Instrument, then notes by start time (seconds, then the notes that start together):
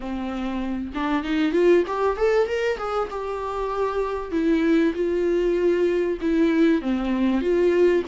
viola
0.00 C4
0.94 D4
1.23 D#4
1.52 F4
1.87 G4
2.16 A4
2.47 A#4
2.77 G#4
3.10 G4
4.31 E4
4.94 F4
6.21 E4
6.81 C4
7.41 F4